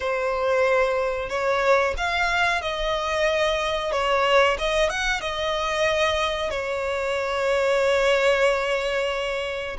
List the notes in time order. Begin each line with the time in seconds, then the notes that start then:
0.00 C5
1.29 C#5
1.97 F5
2.61 D#5
3.91 C#5
4.58 D#5
4.89 F#5
5.20 D#5
6.50 C#5